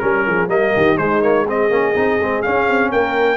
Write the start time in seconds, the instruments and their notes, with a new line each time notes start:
0.00 tuba G3, trombone C#4, trumpet A#4, horn A#4
0.27 tuba F3, horn G#4
0.48 tuba G3, trombone A#3, horn A#4, trumpet D#5
0.76 tuba D#3, horn G4
0.98 tuba G#3, trombone G#3, horn D#4, trumpet C5
1.21 trombone A#3, trumpet C#5
1.46 trombone C4, horn G#4, trumpet D#5
1.70 tuba A#3, trombone C#4
1.95 tuba C4, trombone D#4
2.21 tuba G#3, trombone C4
2.42 trombone C#4, tuba C#4, trumpet F5
2.69 tuba C4
2.91 tuba A#3, horn A#4, trumpet G5